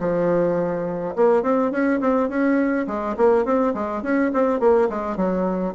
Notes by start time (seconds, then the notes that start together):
0.00 F3
1.16 A#3
1.43 C4
1.71 C#4
2.00 C4
2.29 C#4
2.87 G#3
3.17 A#3
3.45 C4
3.74 G#3
4.03 C#4
4.33 C4
4.59 A#3
4.89 G#3
5.16 F#3